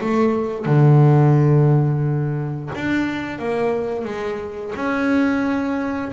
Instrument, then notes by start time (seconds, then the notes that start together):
double bass
0.00 A3
0.65 D3
2.74 D4
3.38 A#3
4.04 G#3
4.75 C#4